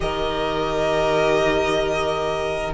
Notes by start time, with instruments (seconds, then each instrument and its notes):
0.00 cello D#3, viola G4, violin A#4 D#5